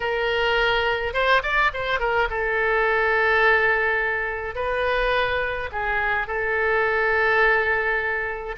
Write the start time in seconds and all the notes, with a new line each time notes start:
0.00 A#4
1.13 C5
1.42 D5
1.73 C5
1.99 A#4
2.30 A4
4.55 B4
5.72 G#4
6.27 A4